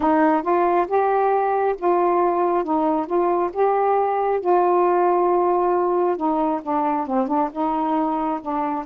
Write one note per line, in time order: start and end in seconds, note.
0.00 0.42 D#4
0.42 0.86 F4
0.87 1.75 G4
1.78 2.64 F4
2.64 3.06 D#4
3.06 3.50 F4
3.53 4.40 G4
4.40 6.16 F4
6.16 6.61 D#4
6.62 7.06 D4
7.06 7.27 C4
7.27 7.49 D4
7.52 8.40 D#4
8.41 8.85 D4